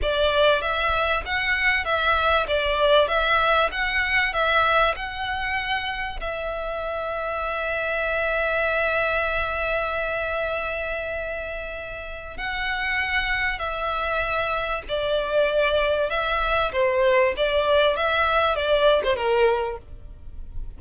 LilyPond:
\new Staff \with { instrumentName = "violin" } { \time 4/4 \tempo 4 = 97 d''4 e''4 fis''4 e''4 | d''4 e''4 fis''4 e''4 | fis''2 e''2~ | e''1~ |
e''1 | fis''2 e''2 | d''2 e''4 c''4 | d''4 e''4 d''8. c''16 ais'4 | }